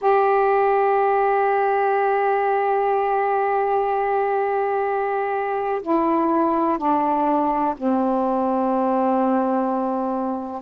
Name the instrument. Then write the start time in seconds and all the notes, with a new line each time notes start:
saxophone
0.00 G4
5.82 E4
6.77 D4
7.77 C4